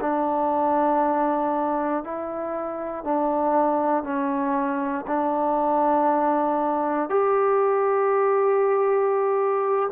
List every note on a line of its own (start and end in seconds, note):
0.00 2.03 D4
2.03 3.04 E4
3.04 4.03 D4
4.03 5.04 C#4
5.07 7.09 D4
7.09 9.89 G4